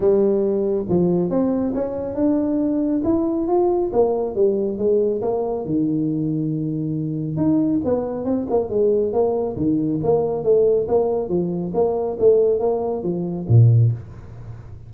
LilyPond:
\new Staff \with { instrumentName = "tuba" } { \time 4/4 \tempo 4 = 138 g2 f4 c'4 | cis'4 d'2 e'4 | f'4 ais4 g4 gis4 | ais4 dis2.~ |
dis4 dis'4 b4 c'8 ais8 | gis4 ais4 dis4 ais4 | a4 ais4 f4 ais4 | a4 ais4 f4 ais,4 | }